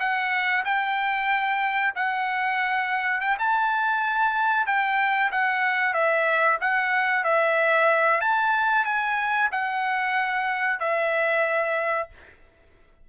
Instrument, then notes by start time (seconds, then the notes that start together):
trumpet
0.00 F#5
0.65 G5
1.96 F#5
3.21 G5
3.39 A5
4.67 G5
5.32 F#5
5.94 E5
6.61 F#5
7.24 E5
8.21 A5
8.85 G#5
9.52 F#5
10.80 E5